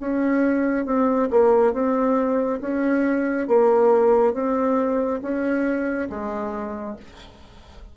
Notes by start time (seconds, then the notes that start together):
0.00 C#4
0.85 C4
1.30 A#3
1.73 C4
2.60 C#4
3.47 A#3
4.33 C4
5.22 C#4
6.09 G#3